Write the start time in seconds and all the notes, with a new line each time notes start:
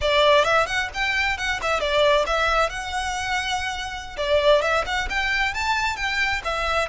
0.01 D5
0.44 E5
0.66 F#5
0.94 G5
1.37 F#5
1.62 E5
1.80 D5
2.26 E5
2.69 F#5
4.17 D5
4.61 E5
4.86 F#5
5.09 G5
5.54 A5
5.96 G5
6.44 E5